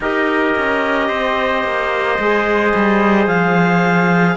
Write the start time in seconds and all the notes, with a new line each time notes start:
0.00 D#4 G4 A#4 D#5
0.57 C#4
1.08 C4 C5
1.64 A#3
2.18 G#3 G#4
2.75 G3
3.27 F3 F5